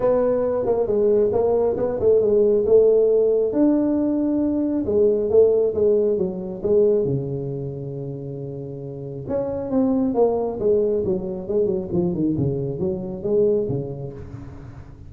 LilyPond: \new Staff \with { instrumentName = "tuba" } { \time 4/4 \tempo 4 = 136 b4. ais8 gis4 ais4 | b8 a8 gis4 a2 | d'2. gis4 | a4 gis4 fis4 gis4 |
cis1~ | cis4 cis'4 c'4 ais4 | gis4 fis4 gis8 fis8 f8 dis8 | cis4 fis4 gis4 cis4 | }